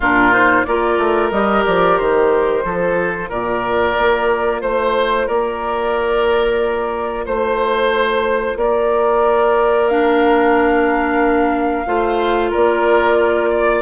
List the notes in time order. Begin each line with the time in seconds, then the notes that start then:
0.00 A#2 D4 F4 A#4
0.32 D#4 C5
0.64 A#3 F4 A#4 D5
0.98 A3
1.31 G3 G4 D#5
1.66 F3 D5
1.98 D#3 C5
2.63 F3 F4 A4
3.29 A#2 A#4 D5
3.97 A#3
4.61 A3 C5
5.27 A#3 A#4 D5
7.25 A3 C5
8.55 A#3 A#4 D5
9.88 D4 F5
11.86 A3 F4 C5
12.50 A#3 A#4 D5
13.49 D5